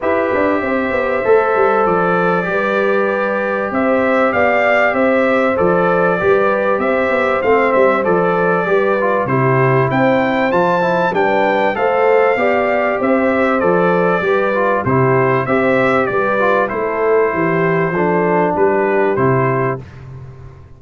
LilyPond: <<
  \new Staff \with { instrumentName = "trumpet" } { \time 4/4 \tempo 4 = 97 e''2. d''4~ | d''2 e''4 f''4 | e''4 d''2 e''4 | f''8 e''8 d''2 c''4 |
g''4 a''4 g''4 f''4~ | f''4 e''4 d''2 | c''4 e''4 d''4 c''4~ | c''2 b'4 c''4 | }
  \new Staff \with { instrumentName = "horn" } { \time 4/4 b'4 c''2. | b'2 c''4 d''4 | c''2 b'4 c''4~ | c''2 b'4 g'4 |
c''2 b'4 c''4 | d''4 c''2 b'4 | g'4 c''4 b'4 a'4 | g'4 a'4 g'2 | }
  \new Staff \with { instrumentName = "trombone" } { \time 4/4 g'2 a'2 | g'1~ | g'4 a'4 g'2 | c'4 a'4 g'8 f'8 e'4~ |
e'4 f'8 e'8 d'4 a'4 | g'2 a'4 g'8 f'8 | e'4 g'4. f'8 e'4~ | e'4 d'2 e'4 | }
  \new Staff \with { instrumentName = "tuba" } { \time 4/4 e'8 d'8 c'8 b8 a8 g8 f4 | g2 c'4 b4 | c'4 f4 g4 c'8 b8 | a8 g8 f4 g4 c4 |
c'4 f4 g4 a4 | b4 c'4 f4 g4 | c4 c'4 g4 a4 | e4 f4 g4 c4 | }
>>